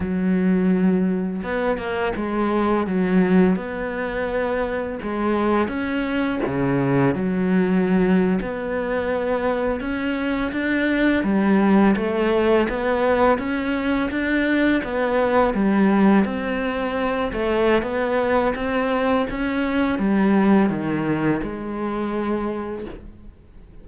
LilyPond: \new Staff \with { instrumentName = "cello" } { \time 4/4 \tempo 4 = 84 fis2 b8 ais8 gis4 | fis4 b2 gis4 | cis'4 cis4 fis4.~ fis16 b16~ | b4.~ b16 cis'4 d'4 g16~ |
g8. a4 b4 cis'4 d'16~ | d'8. b4 g4 c'4~ c'16~ | c'16 a8. b4 c'4 cis'4 | g4 dis4 gis2 | }